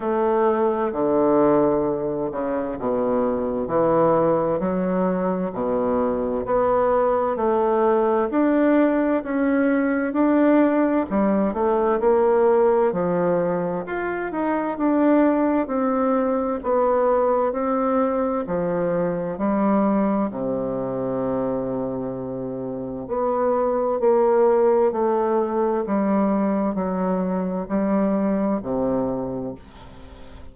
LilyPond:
\new Staff \with { instrumentName = "bassoon" } { \time 4/4 \tempo 4 = 65 a4 d4. cis8 b,4 | e4 fis4 b,4 b4 | a4 d'4 cis'4 d'4 | g8 a8 ais4 f4 f'8 dis'8 |
d'4 c'4 b4 c'4 | f4 g4 c2~ | c4 b4 ais4 a4 | g4 fis4 g4 c4 | }